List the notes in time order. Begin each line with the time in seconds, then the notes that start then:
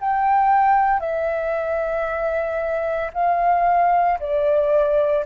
0.00 G5
1.00 E5
3.13 F5
4.20 D5